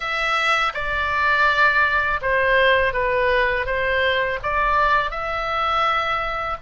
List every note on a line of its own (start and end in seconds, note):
0.00 0.73 E5
0.74 2.20 D5
2.21 2.93 C5
2.93 3.66 B4
3.66 4.39 C5
4.42 5.11 D5
5.11 6.57 E5